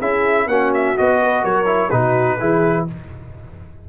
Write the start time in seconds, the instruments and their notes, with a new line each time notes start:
0.00 tuba C#4, trombone E4, horn G#4, trumpet E5
0.47 tuba A#3, trombone C#4, horn F#4, trumpet F#5
0.74 trumpet E5
0.98 tuba B3, trombone F#4, trumpet D#5
1.23 horn B4
1.43 tuba F#3, horn A#4, trumpet C#5
1.66 trombone E4
1.90 tuba B2, trombone D#4, horn F#4, trumpet B4
2.39 tuba E3, trombone E4, horn G#4